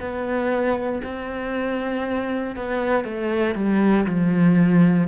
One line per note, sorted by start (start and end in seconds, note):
0.00 1.02 B3
1.04 2.56 C4
2.56 3.05 B3
3.05 3.55 A3
3.55 4.06 G3
4.06 5.08 F3